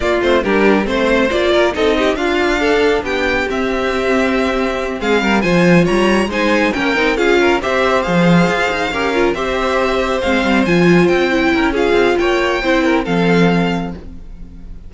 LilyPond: <<
  \new Staff \with { instrumentName = "violin" } { \time 4/4 \tempo 4 = 138 d''8 c''8 ais'4 c''4 d''4 | dis''4 f''2 g''4 | e''2.~ e''8 f''8~ | f''8 gis''4 ais''4 gis''4 g''8~ |
g''8 f''4 e''4 f''4.~ | f''4. e''2 f''8~ | f''8 gis''4 g''4. f''4 | g''2 f''2 | }
  \new Staff \with { instrumentName = "violin" } { \time 4/4 f'4 g'4 c''4. ais'8 | a'8 g'8 f'4 a'4 g'4~ | g'2.~ g'8 gis'8 | ais'8 c''4 cis''4 c''4 ais'8~ |
ais'8 gis'8 ais'8 c''2~ c''8~ | c''8 ais'4 c''2~ c''8~ | c''2~ c''8 ais'8 gis'4 | cis''4 c''8 ais'8 a'2 | }
  \new Staff \with { instrumentName = "viola" } { \time 4/4 ais8 c'8 d'4 c'4 f'4 | dis'4 d'2. | c'1~ | c'8 f'2 dis'4 cis'8 |
dis'8 f'4 g'4 gis'4.~ | gis'8 g'8 f'8 g'2 c'8~ | c'8 f'4. e'4 f'4~ | f'4 e'4 c'2 | }
  \new Staff \with { instrumentName = "cello" } { \time 4/4 ais8 a8 g4 a4 ais4 | c'4 d'2 b4 | c'2.~ c'8 gis8 | g8 f4 g4 gis4 ais8 |
c'8 cis'4 c'4 f4 f'8 | dis'8 cis'4 c'2 gis8 | g8 f4 c'4 cis'4 c'8 | ais4 c'4 f2 | }
>>